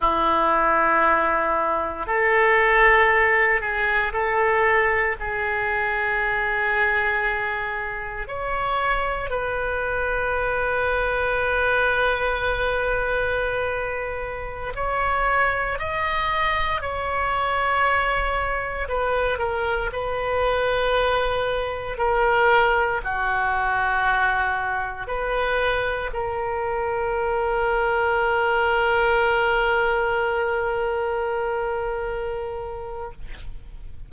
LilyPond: \new Staff \with { instrumentName = "oboe" } { \time 4/4 \tempo 4 = 58 e'2 a'4. gis'8 | a'4 gis'2. | cis''4 b'2.~ | b'2~ b'16 cis''4 dis''8.~ |
dis''16 cis''2 b'8 ais'8 b'8.~ | b'4~ b'16 ais'4 fis'4.~ fis'16~ | fis'16 b'4 ais'2~ ais'8.~ | ais'1 | }